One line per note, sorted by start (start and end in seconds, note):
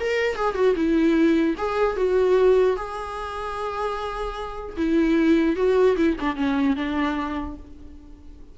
0.00 0.36 A#4
0.36 0.55 G#4
0.55 0.75 F#4
0.76 1.56 E4
1.58 1.96 G#4
1.96 2.76 F#4
2.76 4.76 G#4
4.77 5.56 E4
5.56 5.96 F#4
5.97 6.17 E4
6.20 6.36 D4
6.36 6.76 C#4
6.76 7.56 D4